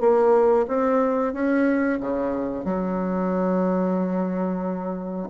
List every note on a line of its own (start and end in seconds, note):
0.00 0.66 A#3
0.68 1.33 C4
1.33 1.99 C#4
2.00 2.64 C#3
2.64 5.28 F#3